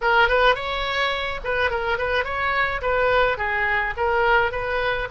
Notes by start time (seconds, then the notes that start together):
0.01 A#4
0.28 B4
0.55 C#5
1.44 B4
1.70 A#4
1.98 B4
2.24 C#5
2.81 B4
3.37 G#4
3.96 A#4
4.51 B4